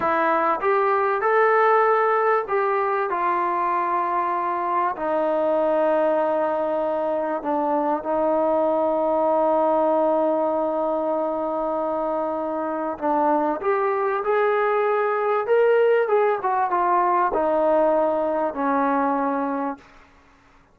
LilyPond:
\new Staff \with { instrumentName = "trombone" } { \time 4/4 \tempo 4 = 97 e'4 g'4 a'2 | g'4 f'2. | dis'1 | d'4 dis'2.~ |
dis'1~ | dis'4 d'4 g'4 gis'4~ | gis'4 ais'4 gis'8 fis'8 f'4 | dis'2 cis'2 | }